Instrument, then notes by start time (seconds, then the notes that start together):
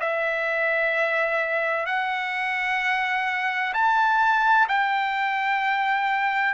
trumpet
0.00 E5
1.86 F#5
3.74 A5
4.68 G5